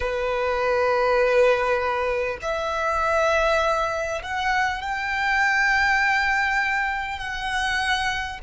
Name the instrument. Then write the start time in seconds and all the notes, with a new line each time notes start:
violin
0.00 B4
2.42 E5
4.22 F#5
4.81 G5
7.18 F#5